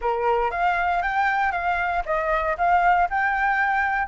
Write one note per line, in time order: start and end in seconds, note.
0.01 0.51 A#4
0.51 1.02 F5
1.02 1.52 G5
1.52 2.03 F5
2.05 2.56 D#5
2.57 3.08 F5
3.09 4.07 G5